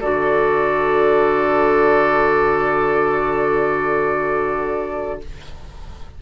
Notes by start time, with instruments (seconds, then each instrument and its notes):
0.00 bassoon D3, clarinet F#4, oboe A4, flute D5